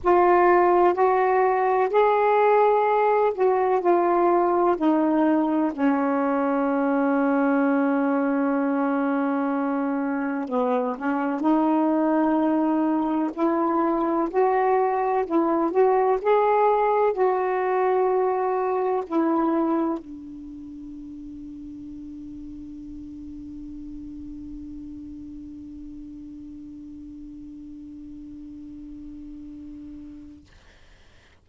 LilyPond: \new Staff \with { instrumentName = "saxophone" } { \time 4/4 \tempo 4 = 63 f'4 fis'4 gis'4. fis'8 | f'4 dis'4 cis'2~ | cis'2. b8 cis'8 | dis'2 e'4 fis'4 |
e'8 fis'8 gis'4 fis'2 | e'4 d'2.~ | d'1~ | d'1 | }